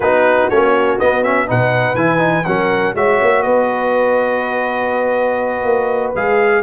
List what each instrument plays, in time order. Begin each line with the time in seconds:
0.00 tuba B3, trombone D#4, horn F#4, trumpet B4
0.49 tuba A#3, trombone C#4, trumpet C#5
0.99 trombone B3, tuba B3, trumpet D#5
1.23 trombone C#4, trumpet E5
1.46 tuba B2, trombone D#4, horn B4, trumpet F#5
1.94 tuba E3, trombone E4, trumpet G#5
2.18 trombone D#4
2.44 tuba F#3, trombone C#4, horn A#4, trumpet F#5
2.94 tuba G#3, trombone F#4, horn C#5, trumpet E5
3.21 tuba A#3
3.42 tuba B3, horn B4, trumpet D#5
5.64 tuba A#3
6.15 tuba G#3, trombone G#4, trumpet F5